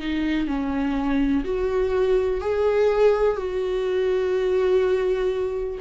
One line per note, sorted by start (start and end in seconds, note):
0.00 0.48 D#4
0.48 1.44 C#4
1.45 2.41 F#4
2.41 3.37 G#4
3.37 5.79 F#4